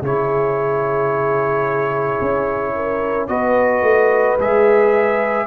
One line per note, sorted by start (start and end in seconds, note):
0.00 2.20 C#3
0.00 3.29 E4
0.00 2.73 G#4
0.00 3.28 C#5
2.21 3.29 C#4
2.76 3.29 A#4
3.28 3.82 B3
3.28 4.38 F#4
3.28 5.47 B4
3.28 4.37 D#5
3.82 4.37 A3
4.38 5.47 G#3
4.38 5.47 G#4
4.38 5.47 E5